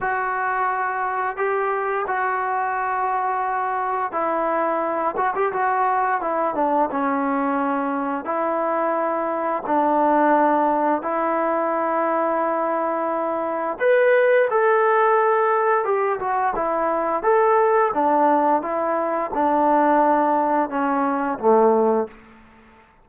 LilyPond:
\new Staff \with { instrumentName = "trombone" } { \time 4/4 \tempo 4 = 87 fis'2 g'4 fis'4~ | fis'2 e'4. fis'16 g'16 | fis'4 e'8 d'8 cis'2 | e'2 d'2 |
e'1 | b'4 a'2 g'8 fis'8 | e'4 a'4 d'4 e'4 | d'2 cis'4 a4 | }